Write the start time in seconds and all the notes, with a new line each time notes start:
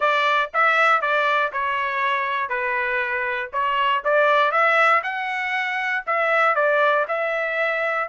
0.00 D5
0.53 E5
1.01 D5
1.52 C#5
2.49 B4
3.52 C#5
4.04 D5
4.51 E5
5.03 F#5
6.06 E5
6.55 D5
7.07 E5